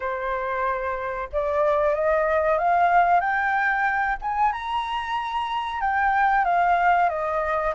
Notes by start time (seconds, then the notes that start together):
0.00 C5
1.32 D5
1.94 D#5
2.58 F5
3.20 G5
4.21 G#5
4.52 A#5
5.80 G5
6.45 F5
7.09 D#5